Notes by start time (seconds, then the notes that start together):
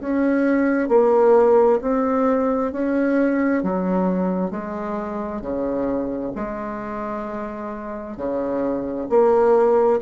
0.00 C#4
0.88 A#3
1.81 C4
2.72 C#4
3.63 F#3
4.50 G#3
5.41 C#3
6.35 G#3
8.17 C#3
9.09 A#3